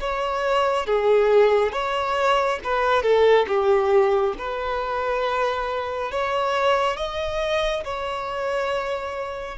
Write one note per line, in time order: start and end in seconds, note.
0.00 0.86 C#5
0.86 1.72 G#4
1.72 2.59 C#5
2.64 3.02 B4
3.02 3.46 A4
3.47 4.34 G4
4.38 6.11 B4
6.11 6.96 C#5
6.96 7.83 D#5
7.84 9.58 C#5